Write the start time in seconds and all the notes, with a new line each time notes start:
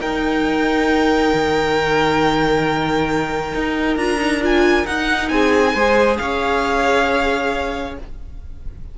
0.00 D#4 A#4 G5
1.33 D#3
3.54 D#4
3.96 D4 F4 A#5
4.17 D#4
4.41 F4 G#5
4.86 D#4 F#5
5.28 C4 G#4 G#5
5.73 G#3 G#4 C5
6.17 C#4 C#5 F5